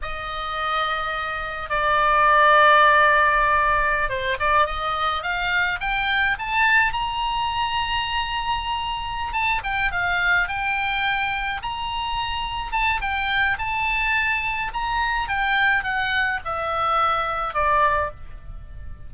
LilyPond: \new Staff \with { instrumentName = "oboe" } { \time 4/4 \tempo 4 = 106 dis''2. d''4~ | d''2.~ d''16 c''8 d''16~ | d''16 dis''4 f''4 g''4 a''8.~ | a''16 ais''2.~ ais''8.~ |
ais''8 a''8 g''8 f''4 g''4.~ | g''8 ais''2 a''8 g''4 | a''2 ais''4 g''4 | fis''4 e''2 d''4 | }